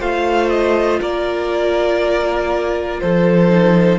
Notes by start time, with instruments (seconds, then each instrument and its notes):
0.00 cello A3, viola F4, violin C5 F5
0.50 violin D#5
1.01 cello A#3, violin A#4 D5
3.01 cello F3, violin A4 C5
3.50 viola D#4